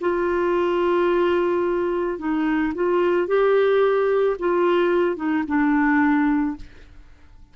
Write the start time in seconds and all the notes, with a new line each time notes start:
0.00 F4
2.18 D#4
2.74 F4
3.27 G4
4.39 F4
5.16 D#4
5.47 D4